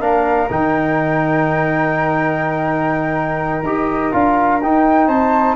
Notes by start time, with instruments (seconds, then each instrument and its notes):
0.00 tuba A#3, trombone D4, flute A#4 F5
0.49 tuba D#3, trombone D#4, flute G5
3.63 tuba D#4, trombone G4, flute D#5
4.12 tuba D4, trombone F4, flute F5
4.62 tuba D#4, trombone D#4, flute G5
5.07 tuba C4, flute C5 A5